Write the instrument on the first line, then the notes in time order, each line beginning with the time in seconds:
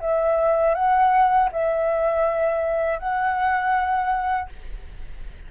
flute
0.00 E5
0.74 F#5
1.52 E5
2.99 F#5